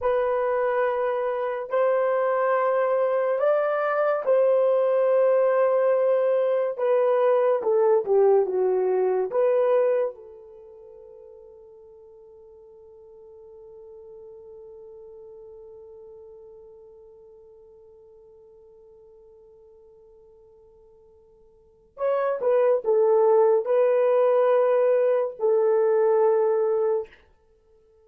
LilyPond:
\new Staff \with { instrumentName = "horn" } { \time 4/4 \tempo 4 = 71 b'2 c''2 | d''4 c''2. | b'4 a'8 g'8 fis'4 b'4 | a'1~ |
a'1~ | a'1~ | a'2 cis''8 b'8 a'4 | b'2 a'2 | }